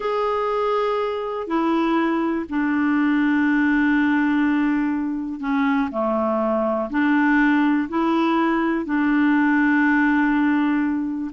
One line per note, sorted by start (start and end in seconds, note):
0.00 1.47 G#4
1.47 2.45 E4
2.49 5.40 D4
5.40 5.89 C#4
5.91 6.89 A3
6.90 7.88 D4
7.88 8.85 E4
8.85 11.31 D4